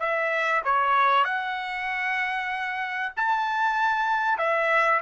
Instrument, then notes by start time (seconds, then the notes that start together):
trumpet
0.00 E5
0.65 C#5
1.25 F#5
3.17 A5
4.38 E5